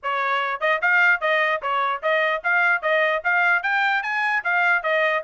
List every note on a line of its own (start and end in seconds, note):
0.02 0.60 C#5
0.60 0.80 D#5
0.81 1.20 F5
1.20 1.61 D#5
1.61 2.02 C#5
2.02 2.42 D#5
2.43 2.82 F5
2.82 3.22 D#5
3.24 3.62 F5
3.62 4.02 G5
4.02 4.43 G#5
4.44 4.82 F5
4.82 5.23 D#5